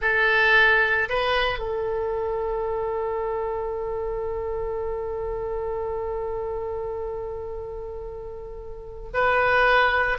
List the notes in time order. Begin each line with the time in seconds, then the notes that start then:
0.01 A4
1.09 B4
1.59 A4
9.13 B4